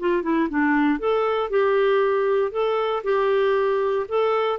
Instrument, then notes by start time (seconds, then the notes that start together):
clarinet
0.00 F4
0.23 E4
0.50 D4
0.99 A4
1.50 G4
2.52 A4
3.04 G4
4.09 A4